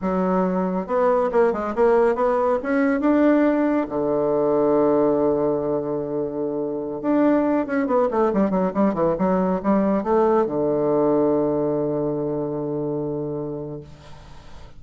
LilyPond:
\new Staff \with { instrumentName = "bassoon" } { \time 4/4 \tempo 4 = 139 fis2 b4 ais8 gis8 | ais4 b4 cis'4 d'4~ | d'4 d2.~ | d1~ |
d16 d'4. cis'8 b8 a8 g8 fis16~ | fis16 g8 e8 fis4 g4 a8.~ | a16 d2.~ d8.~ | d1 | }